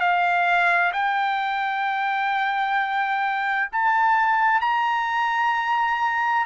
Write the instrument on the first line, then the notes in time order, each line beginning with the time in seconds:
trumpet
0.00 F5
0.93 G5
3.72 A5
4.61 A#5